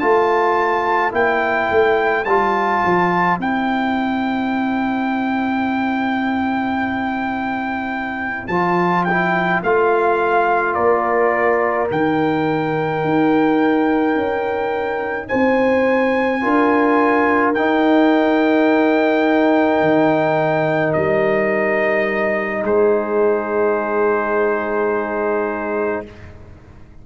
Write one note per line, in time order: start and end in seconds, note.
0.00 1.13 A3
0.00 1.12 F4
0.00 10.74 C5
0.00 1.13 A5
1.12 1.70 A#3
1.12 2.25 E4
1.12 2.25 G5
1.71 2.26 A3
2.25 2.83 G3
2.25 3.41 F4
2.25 3.38 A5
2.85 3.39 F3
3.39 8.49 C4
3.39 8.50 E4
3.39 8.48 G5
8.48 9.62 F3
8.48 9.08 F4
8.48 9.04 A5
9.05 9.66 E4
9.05 9.61 G5
9.63 10.76 A3
9.63 11.89 F4
9.63 10.75 F5
10.74 11.89 A#3
10.74 15.27 A#4
10.74 11.88 D5
11.89 13.04 D#3
11.89 16.41 D#4
11.89 15.28 G5
13.04 14.15 D#4
14.15 15.29 C#4
15.28 16.45 C4
15.28 16.43 C5
15.28 17.54 G#5
16.41 17.57 D4
16.41 17.54 F4
16.41 22.64 A#4
17.55 19.81 D#4
17.55 26.07 D#4
17.55 20.94 G5
19.81 20.94 D#3
20.94 22.64 G3
20.94 22.63 D#5
22.64 26.04 G#3
22.64 26.04 G#4
22.64 26.06 C5